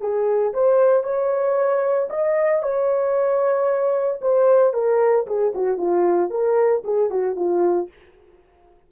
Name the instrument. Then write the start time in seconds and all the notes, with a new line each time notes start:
horn
0.00 G#4
0.53 C5
1.03 C#5
2.09 D#5
2.62 C#5
4.21 C5
4.73 A#4
5.26 G#4
5.54 F#4
5.77 F4
6.30 A#4
6.84 G#4
7.10 F#4
7.35 F4